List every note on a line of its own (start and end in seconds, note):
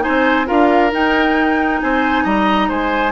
0.00 0.44 D#4
0.00 0.47 C5
0.00 0.47 G#5
0.08 0.49 C4
0.45 0.92 D4
0.45 0.90 F4
0.45 1.80 A#4
0.45 0.92 F5
0.92 3.12 D#4
0.92 1.81 D#4
0.92 1.81 G5
1.81 2.25 C4
1.81 2.24 C5
1.81 2.25 G#5
2.24 2.69 G3
2.24 2.68 D#5
2.24 2.70 A#5
2.69 3.12 G#3
2.69 3.12 C5
2.69 3.12 G#5